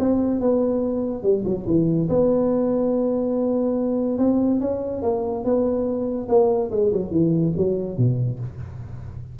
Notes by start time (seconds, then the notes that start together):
0.00 C4
0.41 B3
1.23 G3
1.46 F#3
1.67 E3
2.09 B3
4.19 C4
4.61 C#4
5.03 A#3
5.45 B3
6.29 A#3
6.72 G#3
6.93 F#3
7.12 E3
7.58 F#3
7.98 B2